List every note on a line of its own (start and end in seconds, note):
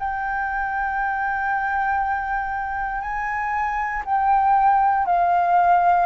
0.00 3.01 G5
3.01 4.03 G#5
4.05 5.07 G5
5.07 6.06 F5